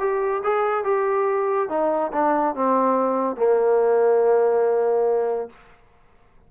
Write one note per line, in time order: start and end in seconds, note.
0.00 0.43 G4
0.44 0.84 G#4
0.84 1.69 G4
1.69 2.12 D#4
2.13 2.55 D4
2.55 3.37 C4
3.37 5.49 A#3